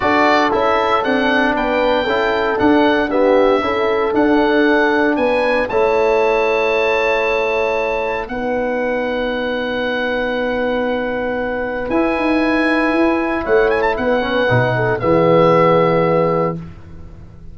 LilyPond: <<
  \new Staff \with { instrumentName = "oboe" } { \time 4/4 \tempo 4 = 116 d''4 e''4 fis''4 g''4~ | g''4 fis''4 e''2 | fis''2 gis''4 a''4~ | a''1 |
fis''1~ | fis''2. gis''4~ | gis''2 fis''8 gis''16 a''16 fis''4~ | fis''4 e''2. | }
  \new Staff \with { instrumentName = "horn" } { \time 4/4 a'2. b'4 | a'2 g'4 a'4~ | a'2 b'4 cis''4~ | cis''1 |
b'1~ | b'1~ | b'2 cis''4 b'4~ | b'8 a'8 gis'2. | }
  \new Staff \with { instrumentName = "trombone" } { \time 4/4 fis'4 e'4 d'2 | e'4 d'4 b4 e'4 | d'2. e'4~ | e'1 |
dis'1~ | dis'2. e'4~ | e'2.~ e'8 cis'8 | dis'4 b2. | }
  \new Staff \with { instrumentName = "tuba" } { \time 4/4 d'4 cis'4 c'4 b4 | cis'4 d'2 cis'4 | d'2 b4 a4~ | a1 |
b1~ | b2. e'8 dis'8~ | dis'4 e'4 a4 b4 | b,4 e2. | }
>>